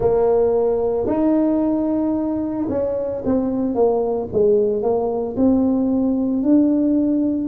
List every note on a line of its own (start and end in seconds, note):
0.00 1.06 A#3
1.07 2.67 D#4
2.69 3.22 C#4
3.24 3.75 C4
3.75 4.28 A#3
4.32 4.82 G#3
4.82 5.36 A#3
5.36 6.42 C4
6.42 7.48 D4